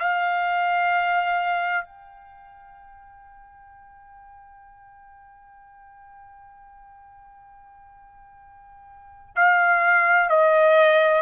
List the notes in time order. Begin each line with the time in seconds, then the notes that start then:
0.00 F5
1.85 G5
9.36 F5
10.30 D#5